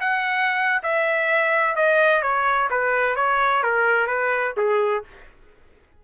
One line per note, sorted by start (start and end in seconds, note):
0.00 0.82 F#5
0.83 1.76 E5
1.76 2.22 D#5
2.22 2.69 C#5
2.70 3.16 B4
3.16 3.63 C#5
3.63 4.07 A#4
4.07 4.54 B4
4.57 5.04 G#4